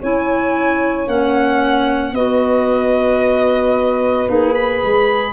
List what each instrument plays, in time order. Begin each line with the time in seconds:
0.00 tuba C#4, clarinet E4, horn C#5, violin G#5
1.07 tuba A#3, clarinet C#4, violin F#5
2.12 tuba B3, clarinet F#4, horn B4, violin D#5
4.29 tuba A#3, violin D#4, clarinet G#4
4.55 violin B5
4.83 tuba G#3